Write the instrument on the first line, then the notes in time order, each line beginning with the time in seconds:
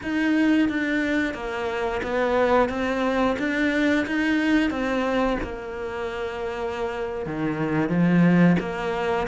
cello
0.02 D#4
0.68 D4
1.34 A#3
2.02 B3
2.69 C4
3.38 D4
4.06 D#4
4.70 C4
5.43 A#3
7.26 D#3
7.89 F3
8.59 A#3